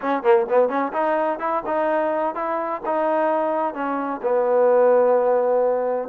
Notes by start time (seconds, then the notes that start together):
0.01 C#4
0.22 A#3
0.49 B3
0.68 C#4
0.92 D#4
1.39 E4
1.66 D#4
2.34 E4
2.85 D#4
3.74 C#4
4.22 B3